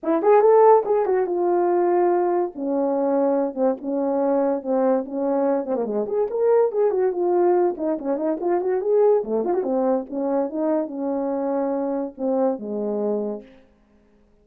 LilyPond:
\new Staff \with { instrumentName = "horn" } { \time 4/4 \tempo 4 = 143 e'8 gis'8 a'4 gis'8 fis'8 f'4~ | f'2 cis'2~ | cis'8 c'8 cis'2 c'4 | cis'4. c'16 ais16 gis8 gis'8 ais'4 |
gis'8 fis'8 f'4. dis'8 cis'8 dis'8 | f'8 fis'8 gis'4 a8 f'16 fis'16 c'4 | cis'4 dis'4 cis'2~ | cis'4 c'4 gis2 | }